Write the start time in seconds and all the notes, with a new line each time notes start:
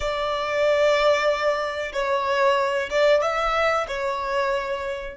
0.00 D5
1.92 C#5
2.90 D5
3.22 E5
3.87 C#5